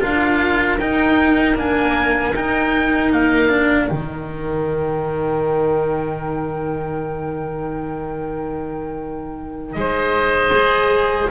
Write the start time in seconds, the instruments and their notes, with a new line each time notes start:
0.00 double bass D4, cello F4, oboe A#4 F5
0.79 double bass D#4, cello D#4, oboe G5
1.56 cello A#3, double bass D4, oboe G#5
2.35 double bass D#4, cello D#4, oboe G5
3.12 double bass A#3, oboe F5
3.49 cello D4
3.88 double bass D#3, cello D#4, oboe G5
9.73 double bass G#3, oboe D#5
9.80 oboe C5
10.53 cello G#4